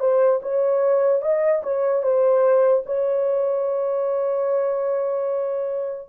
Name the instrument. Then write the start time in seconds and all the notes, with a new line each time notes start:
horn
0.00 C5
0.43 C#5
1.22 D#5
1.63 C#5
2.03 C5
2.86 C#5